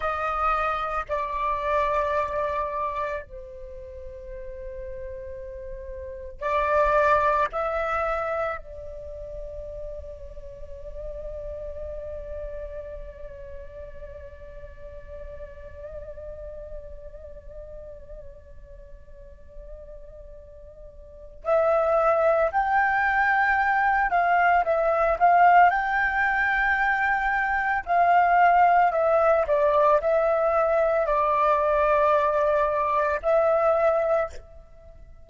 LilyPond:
\new Staff \with { instrumentName = "flute" } { \time 4/4 \tempo 4 = 56 dis''4 d''2 c''4~ | c''2 d''4 e''4 | d''1~ | d''1~ |
d''1 | e''4 g''4. f''8 e''8 f''8 | g''2 f''4 e''8 d''8 | e''4 d''2 e''4 | }